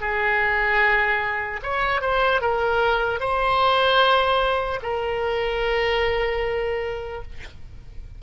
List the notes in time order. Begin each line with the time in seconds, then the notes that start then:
0.00 G#4
1.63 C#5
2.01 C5
2.41 A#4
3.20 C5
4.82 A#4